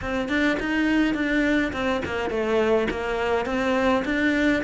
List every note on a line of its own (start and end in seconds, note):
0.01 0.28 C4
0.28 0.57 D4
0.59 1.14 D#4
1.14 1.72 D4
1.73 2.01 C4
2.05 2.30 A#3
2.30 2.87 A3
2.90 3.45 A#3
3.45 4.03 C4
4.05 4.62 D4